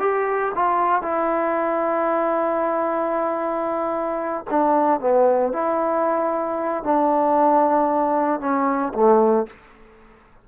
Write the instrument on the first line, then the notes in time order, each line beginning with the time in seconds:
trombone
0.00 G4
0.55 F4
1.03 E4
4.50 D4
5.01 B3
5.53 E4
6.84 D4
8.41 C#4
8.94 A3